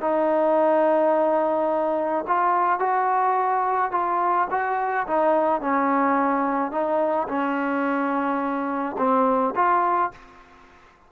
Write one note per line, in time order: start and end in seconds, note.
0.00 2.24 D#4
2.27 2.79 F4
2.79 3.91 F#4
3.91 4.47 F4
4.50 5.06 F#4
5.07 5.61 D#4
5.61 6.71 C#4
6.71 7.27 D#4
7.28 8.96 C#4
8.97 9.54 C4
9.55 10.11 F4